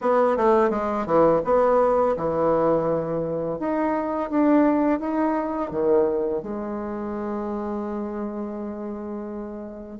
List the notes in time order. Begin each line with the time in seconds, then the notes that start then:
0.01 B3
0.36 A3
0.70 G#3
1.06 E3
1.44 B3
2.16 E3
3.59 D#4
4.30 D4
4.99 D#4
5.70 D#3
6.42 G#3